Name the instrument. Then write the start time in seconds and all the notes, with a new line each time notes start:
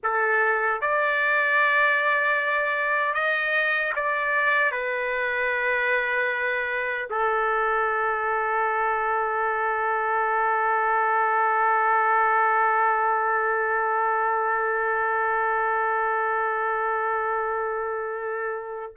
trumpet
0.03 A4
0.81 D5
3.14 D#5
3.95 D5
4.71 B4
7.09 A4